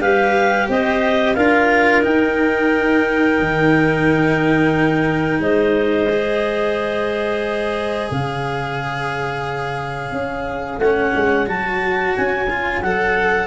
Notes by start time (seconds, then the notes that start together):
0.00 G3 G4 B4 F5
0.69 C4 C5 D#5
1.35 D4 F4 A#4 F5
2.03 D#4 G5
3.40 D#3
5.39 G#3 C5 D#5
6.09 G#4
8.11 C#3 C#5 F5
10.12 C#4
10.78 A3 C#4 F#5
11.15 G#3
11.46 F#3 F#4 A5
12.16 C#4 G#5
12.50 F4
12.82 F#3 A4 F#5